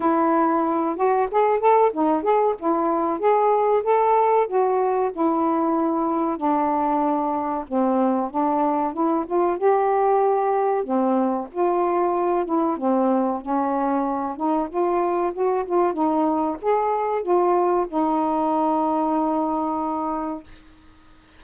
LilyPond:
\new Staff \with { instrumentName = "saxophone" } { \time 4/4 \tempo 4 = 94 e'4. fis'8 gis'8 a'8 dis'8 gis'8 | e'4 gis'4 a'4 fis'4 | e'2 d'2 | c'4 d'4 e'8 f'8 g'4~ |
g'4 c'4 f'4. e'8 | c'4 cis'4. dis'8 f'4 | fis'8 f'8 dis'4 gis'4 f'4 | dis'1 | }